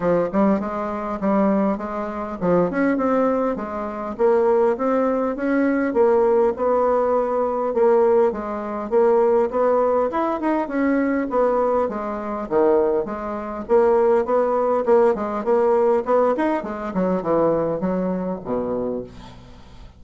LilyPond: \new Staff \with { instrumentName = "bassoon" } { \time 4/4 \tempo 4 = 101 f8 g8 gis4 g4 gis4 | f8 cis'8 c'4 gis4 ais4 | c'4 cis'4 ais4 b4~ | b4 ais4 gis4 ais4 |
b4 e'8 dis'8 cis'4 b4 | gis4 dis4 gis4 ais4 | b4 ais8 gis8 ais4 b8 dis'8 | gis8 fis8 e4 fis4 b,4 | }